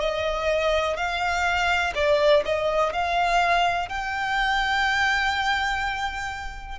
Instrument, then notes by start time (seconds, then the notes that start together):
violin
0.00 D#5
0.96 F5
1.94 D5
2.45 D#5
2.93 F5
3.88 G5